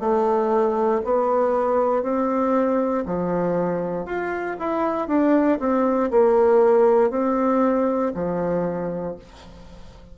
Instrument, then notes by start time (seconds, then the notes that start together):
bassoon
0.00 A3
1.04 B3
2.02 C4
3.06 F3
4.05 F4
4.59 E4
5.08 D4
5.60 C4
6.11 A#3
7.10 C4
8.14 F3